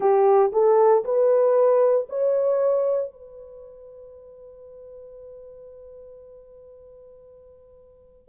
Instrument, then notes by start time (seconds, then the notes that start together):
horn
0.00 G4
0.52 A4
1.04 B4
2.09 C#5
3.11 B4